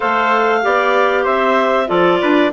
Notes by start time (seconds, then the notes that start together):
0.00 A3 A4 C5 F5
0.62 B3 G4 D5
1.24 C4 C5 E5
1.87 F3 F4 A4 D5
2.21 D4 B4